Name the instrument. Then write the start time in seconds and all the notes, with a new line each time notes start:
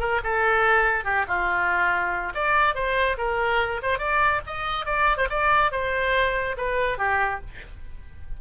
oboe
0.00 A#4
0.24 A4
1.05 G4
1.28 F4
2.35 D5
2.75 C5
3.18 A#4
3.83 C5
3.99 D5
4.47 D#5
4.86 D5
5.18 C5
5.30 D5
5.72 C5
6.57 B4
6.98 G4